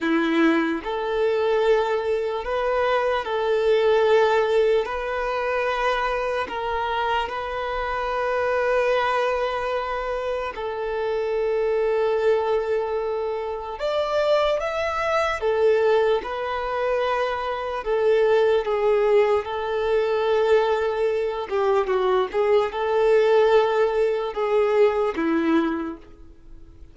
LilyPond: \new Staff \with { instrumentName = "violin" } { \time 4/4 \tempo 4 = 74 e'4 a'2 b'4 | a'2 b'2 | ais'4 b'2.~ | b'4 a'2.~ |
a'4 d''4 e''4 a'4 | b'2 a'4 gis'4 | a'2~ a'8 g'8 fis'8 gis'8 | a'2 gis'4 e'4 | }